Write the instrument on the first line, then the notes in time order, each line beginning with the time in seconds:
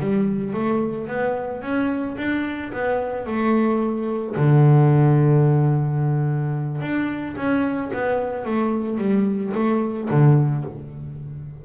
double bass
0.00 G3
0.54 A3
1.08 B3
1.62 C#4
2.18 D4
2.73 B3
3.27 A3
4.37 D3
6.81 D4
7.37 C#4
7.94 B3
8.45 A3
8.98 G3
9.55 A3
10.10 D3